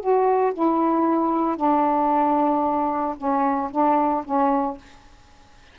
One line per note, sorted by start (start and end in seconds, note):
0.00 0.53 F#4
0.53 1.56 E4
1.56 3.15 D4
3.17 3.70 C#4
3.71 4.24 D4
4.24 4.77 C#4